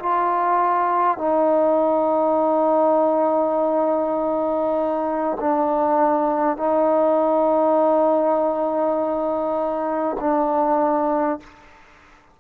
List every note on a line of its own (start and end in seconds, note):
0.00 1.18 F4
1.18 5.38 D#4
5.41 6.57 D4
6.57 10.17 D#4
10.21 11.41 D4